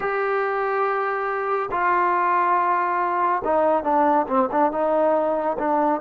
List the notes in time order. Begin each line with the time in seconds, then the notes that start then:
0.00 G4
1.71 F4
3.44 D#4
3.83 D4
4.27 C4
4.51 D4
4.71 D#4
5.58 D4